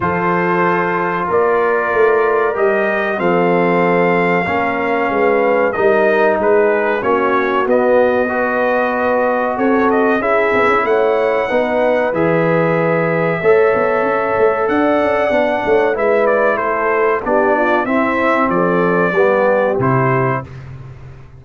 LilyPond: <<
  \new Staff \with { instrumentName = "trumpet" } { \time 4/4 \tempo 4 = 94 c''2 d''2 | dis''4 f''2.~ | f''4 dis''4 b'4 cis''4 | dis''2. cis''8 dis''8 |
e''4 fis''2 e''4~ | e''2. fis''4~ | fis''4 e''8 d''8 c''4 d''4 | e''4 d''2 c''4 | }
  \new Staff \with { instrumentName = "horn" } { \time 4/4 a'2 ais'2~ | ais'4 a'2 ais'4 | b'4 ais'4 gis'4 fis'4~ | fis'4 b'2 a'4 |
gis'4 cis''4 b'2~ | b'4 cis''2 d''4~ | d''8 cis''8 b'4 a'4 g'8 f'8 | e'4 a'4 g'2 | }
  \new Staff \with { instrumentName = "trombone" } { \time 4/4 f'1 | g'4 c'2 cis'4~ | cis'4 dis'2 cis'4 | b4 fis'2. |
e'2 dis'4 gis'4~ | gis'4 a'2. | d'4 e'2 d'4 | c'2 b4 e'4 | }
  \new Staff \with { instrumentName = "tuba" } { \time 4/4 f2 ais4 a4 | g4 f2 ais4 | gis4 g4 gis4 ais4 | b2. c'4 |
cis'8 b16 cis'16 a4 b4 e4~ | e4 a8 b8 cis'8 a8 d'8 cis'8 | b8 a8 gis4 a4 b4 | c'4 f4 g4 c4 | }
>>